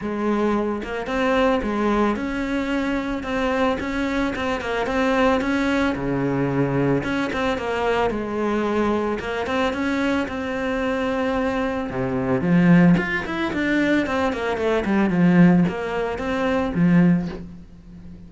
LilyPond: \new Staff \with { instrumentName = "cello" } { \time 4/4 \tempo 4 = 111 gis4. ais8 c'4 gis4 | cis'2 c'4 cis'4 | c'8 ais8 c'4 cis'4 cis4~ | cis4 cis'8 c'8 ais4 gis4~ |
gis4 ais8 c'8 cis'4 c'4~ | c'2 c4 f4 | f'8 e'8 d'4 c'8 ais8 a8 g8 | f4 ais4 c'4 f4 | }